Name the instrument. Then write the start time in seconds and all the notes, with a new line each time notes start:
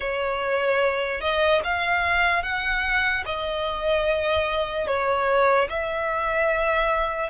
violin
0.00 C#5
1.21 D#5
1.64 F5
2.43 F#5
3.25 D#5
4.86 C#5
5.69 E5